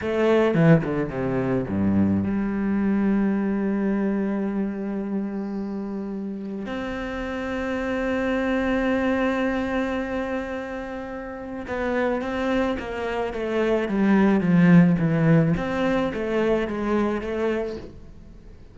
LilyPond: \new Staff \with { instrumentName = "cello" } { \time 4/4 \tempo 4 = 108 a4 e8 d8 c4 g,4 | g1~ | g1 | c'1~ |
c'1~ | c'4 b4 c'4 ais4 | a4 g4 f4 e4 | c'4 a4 gis4 a4 | }